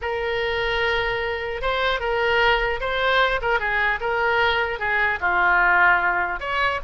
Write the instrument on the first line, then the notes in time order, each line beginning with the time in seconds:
oboe
0.01 A#4
1.61 C5
1.99 A#4
2.80 C5
3.41 A#4
3.59 G#4
4.00 A#4
4.79 G#4
5.20 F4
6.40 C#5